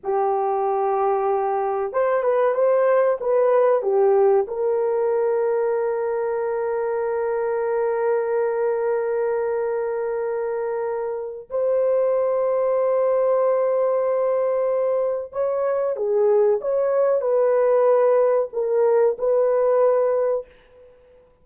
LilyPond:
\new Staff \with { instrumentName = "horn" } { \time 4/4 \tempo 4 = 94 g'2. c''8 b'8 | c''4 b'4 g'4 ais'4~ | ais'1~ | ais'1~ |
ais'2 c''2~ | c''1 | cis''4 gis'4 cis''4 b'4~ | b'4 ais'4 b'2 | }